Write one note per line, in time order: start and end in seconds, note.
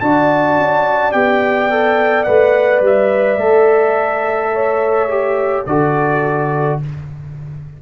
0.00 0.58 D4
0.00 1.12 F#4
0.00 4.53 D5
0.00 1.12 A5
0.58 1.14 C#4
1.12 2.27 B3
1.12 1.69 G4
1.12 2.24 G5
1.70 2.26 A4
2.24 2.81 A3
2.24 3.39 B4
2.24 2.80 F#5
2.81 3.37 G3
2.81 5.66 E5
3.37 5.63 A3
3.37 5.09 A4
4.53 5.66 C#5
5.09 5.65 G4
5.66 6.80 D3
5.66 6.82 F#4
5.66 6.80 A4
5.66 6.79 D5